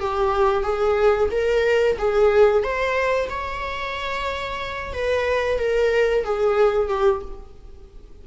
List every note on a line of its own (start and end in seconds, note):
0.00 0.63 G4
0.63 1.29 G#4
1.31 1.97 A#4
1.98 2.63 G#4
2.63 3.29 C5
3.29 4.93 C#5
4.93 5.59 B4
5.59 6.24 A#4
6.24 6.88 G#4
6.88 7.21 G4